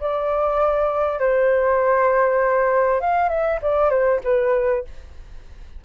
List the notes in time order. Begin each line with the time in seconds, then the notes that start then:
0.00 D5
1.19 C5
3.01 F5
3.29 E5
3.62 D5
3.90 C5
4.24 B4